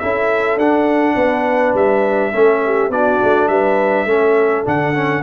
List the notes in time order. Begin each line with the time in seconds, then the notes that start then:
0.00 C#4 E4 A4 E5
0.57 D4 F#5
1.15 B3 B4
1.75 G3 E5
2.33 A3 C#4 A4
2.66 G4
2.90 B3 D4 F#4 D5
3.24 A3
3.48 G3 B4 E5
4.06 A3 C#4 A4
4.65 D3 D4 F#5
4.95 C#4